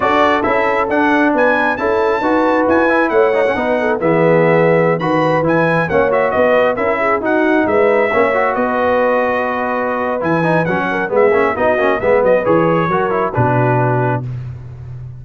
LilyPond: <<
  \new Staff \with { instrumentName = "trumpet" } { \time 4/4 \tempo 4 = 135 d''4 e''4 fis''4 gis''4 | a''2 gis''4 fis''4~ | fis''4 e''2~ e''16 b''8.~ | b''16 gis''4 fis''8 e''8 dis''4 e''8.~ |
e''16 fis''4 e''2 dis''8.~ | dis''2. gis''4 | fis''4 e''4 dis''4 e''8 dis''8 | cis''2 b'2 | }
  \new Staff \with { instrumentName = "horn" } { \time 4/4 a'2. b'4 | a'4 b'2 cis''4 | b'8 a'8 gis'2~ gis'16 b'8.~ | b'4~ b'16 cis''4 b'4 ais'8 gis'16~ |
gis'16 fis'4 b'4 cis''4 b'8.~ | b'1~ | b'8 ais'8 gis'4 fis'4 b'4~ | b'4 ais'4 fis'2 | }
  \new Staff \with { instrumentName = "trombone" } { \time 4/4 fis'4 e'4 d'2 | e'4 fis'4. e'4 dis'16 cis'16 | dis'4 b2~ b16 fis'8.~ | fis'16 e'4 cis'8 fis'4. e'8.~ |
e'16 dis'2 cis'8 fis'4~ fis'16~ | fis'2. e'8 dis'8 | cis'4 b8 cis'8 dis'8 cis'8 b4 | gis'4 fis'8 e'8 d'2 | }
  \new Staff \with { instrumentName = "tuba" } { \time 4/4 d'4 cis'4 d'4 b4 | cis'4 dis'4 e'4 a4 | b4 e2~ e16 dis8.~ | dis16 e4 ais4 b4 cis'8.~ |
cis'16 dis'4 gis4 ais4 b8.~ | b2. e4 | fis4 gis8 ais8 b8 ais8 gis8 fis8 | e4 fis4 b,2 | }
>>